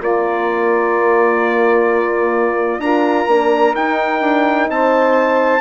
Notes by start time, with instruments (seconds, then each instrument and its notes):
0.00 bassoon A#3, horn A#3, saxophone F4, trumpet D5
2.78 bassoon D4, horn F4, saxophone A#4, trumpet A#5
3.27 bassoon A#3, horn D4
3.75 bassoon D#4, horn D#4, trumpet G5
4.21 bassoon D4
4.70 bassoon C4, saxophone C5, trumpet A5